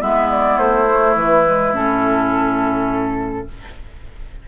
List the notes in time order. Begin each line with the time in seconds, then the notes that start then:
0.00 G#3 B3 E4 E5
0.31 D5
0.58 A3 C5
0.90 A3
1.16 E3 B4
1.45 G#3
1.73 A2 C#4 A4